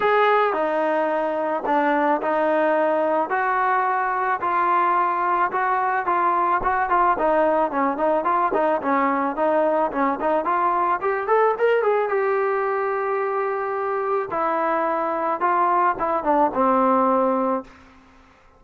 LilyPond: \new Staff \with { instrumentName = "trombone" } { \time 4/4 \tempo 4 = 109 gis'4 dis'2 d'4 | dis'2 fis'2 | f'2 fis'4 f'4 | fis'8 f'8 dis'4 cis'8 dis'8 f'8 dis'8 |
cis'4 dis'4 cis'8 dis'8 f'4 | g'8 a'8 ais'8 gis'8 g'2~ | g'2 e'2 | f'4 e'8 d'8 c'2 | }